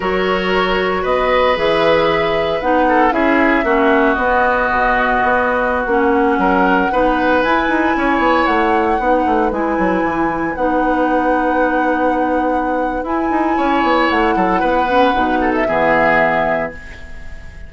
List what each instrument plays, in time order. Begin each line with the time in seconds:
0.00 bassoon F#3, clarinet F#4, oboe A#4, flute C#5
1.02 bassoon B3, oboe B4, flute D#5
1.56 bassoon E3, clarinet G#4, flute E5
2.61 bassoon B3, clarinet D#4, flute F#5
2.88 oboe A4
3.11 bassoon C#4, clarinet E4, oboe G#4, flute E5
3.63 bassoon A#3, clarinet C#4, oboe F#4
4.13 clarinet B3, bassoon B3, flute D#5
4.70 bassoon B2
5.23 bassoon B3
5.85 bassoon A#3, clarinet C#4, flute F#5
6.38 bassoon F#3, oboe A#4
6.92 bassoon B3, clarinet D#4, oboe B4
7.42 bassoon E4, clarinet E4, flute G#5
7.68 bassoon D#4
7.96 bassoon C#4, oboe C#5
8.18 bassoon B3
8.45 bassoon A3, flute F#5
8.99 bassoon B3, clarinet D#4, oboe B4
9.25 bassoon A3
9.51 bassoon G#3, clarinet E4, flute G#5
9.78 bassoon F#3
10.03 bassoon E3
10.55 bassoon B3, clarinet D#4, flute F#5
13.03 bassoon E4, clarinet E4, flute G#5
13.30 bassoon D#4
13.56 bassoon C#4, oboe C#5
13.82 bassoon B3
14.09 bassoon A3, flute F#5
14.36 bassoon F#3, oboe A4
14.60 bassoon B3, oboe B4
14.87 clarinet C#4
15.13 bassoon B2, clarinet D#4
15.41 oboe A4
15.54 flute E5
15.67 bassoon E3, clarinet B3, oboe G#4